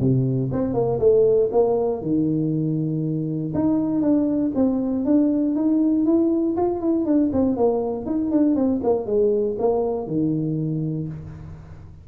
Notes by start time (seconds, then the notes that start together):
0.00 C3
0.52 C4
0.74 A#3
0.99 A3
1.52 A#3
2.02 D#3
3.54 D#4
4.02 D4
4.55 C4
5.05 D4
5.56 D#4
6.06 E4
6.57 F4
6.80 E4
7.06 D4
7.33 C4
7.57 A#3
8.06 D#4
8.31 D4
8.56 C4
8.83 A#3
9.06 G#3
9.59 A#3
10.07 D#3